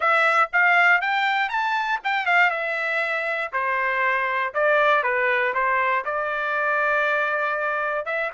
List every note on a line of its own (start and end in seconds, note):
0.00 0.50 E5
0.52 1.01 F5
1.01 1.49 G5
1.49 1.99 A5
2.04 2.26 G5
2.26 2.50 F5
2.50 3.51 E5
3.52 4.53 C5
4.54 5.03 D5
5.03 5.53 B4
5.53 6.04 C5
6.04 8.05 D5
8.05 8.31 E5